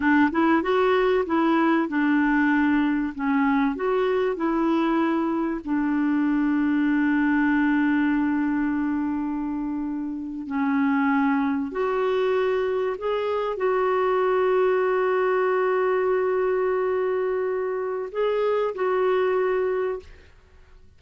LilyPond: \new Staff \with { instrumentName = "clarinet" } { \time 4/4 \tempo 4 = 96 d'8 e'8 fis'4 e'4 d'4~ | d'4 cis'4 fis'4 e'4~ | e'4 d'2.~ | d'1~ |
d'8. cis'2 fis'4~ fis'16~ | fis'8. gis'4 fis'2~ fis'16~ | fis'1~ | fis'4 gis'4 fis'2 | }